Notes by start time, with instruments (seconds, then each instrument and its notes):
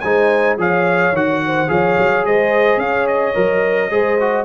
0.00 tuba G#3, trombone D#4, horn C5, trumpet G#5
0.57 tuba F3, trombone G#4, horn C#5, trumpet F5
1.12 tuba D#3, trombone F#4, trumpet F#5
1.46 horn C5
1.68 tuba F3, trombone G#4, horn C#5, trumpet F5
1.98 tuba F#3
2.25 tuba G#3, horn C5, trumpet D#5
2.77 tuba C#4, horn C#5, trumpet F5
3.07 trumpet D#5
3.34 tuba F#3, trombone A#4
3.90 tuba G#3, trombone G#4, horn C5
4.20 trombone F#4